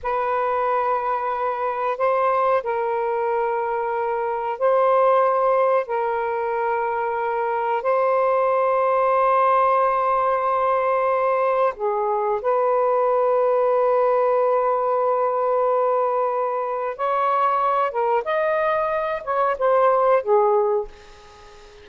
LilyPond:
\new Staff \with { instrumentName = "saxophone" } { \time 4/4 \tempo 4 = 92 b'2. c''4 | ais'2. c''4~ | c''4 ais'2. | c''1~ |
c''2 gis'4 b'4~ | b'1~ | b'2 cis''4. ais'8 | dis''4. cis''8 c''4 gis'4 | }